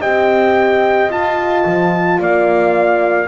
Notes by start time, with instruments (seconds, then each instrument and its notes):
0.00 double bass C4, horn G4 D#5, trumpet G5
1.09 double bass F4, horn F4, trumpet A5
1.65 double bass F3
2.19 double bass A#3, horn D5, trumpet F5